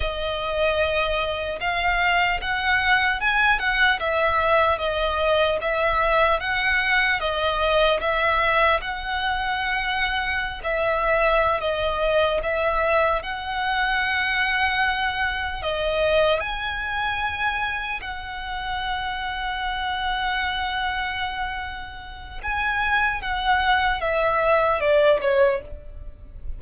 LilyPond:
\new Staff \with { instrumentName = "violin" } { \time 4/4 \tempo 4 = 75 dis''2 f''4 fis''4 | gis''8 fis''8 e''4 dis''4 e''4 | fis''4 dis''4 e''4 fis''4~ | fis''4~ fis''16 e''4~ e''16 dis''4 e''8~ |
e''8 fis''2. dis''8~ | dis''8 gis''2 fis''4.~ | fis''1 | gis''4 fis''4 e''4 d''8 cis''8 | }